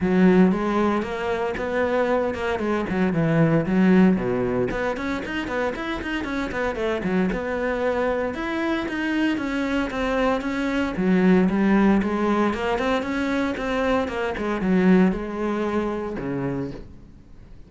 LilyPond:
\new Staff \with { instrumentName = "cello" } { \time 4/4 \tempo 4 = 115 fis4 gis4 ais4 b4~ | b8 ais8 gis8 fis8 e4 fis4 | b,4 b8 cis'8 dis'8 b8 e'8 dis'8 | cis'8 b8 a8 fis8 b2 |
e'4 dis'4 cis'4 c'4 | cis'4 fis4 g4 gis4 | ais8 c'8 cis'4 c'4 ais8 gis8 | fis4 gis2 cis4 | }